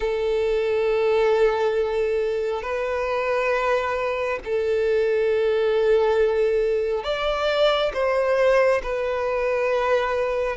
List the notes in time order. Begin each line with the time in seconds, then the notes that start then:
0.00 A4
2.62 B4
4.44 A4
7.03 D5
7.93 C5
8.82 B4